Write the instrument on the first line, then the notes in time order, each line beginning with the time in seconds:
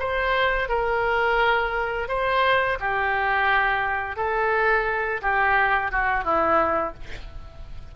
oboe
0.00 C5
0.69 A#4
2.09 C5
2.80 G4
4.17 A4
5.22 G4
5.92 F#4
6.24 E4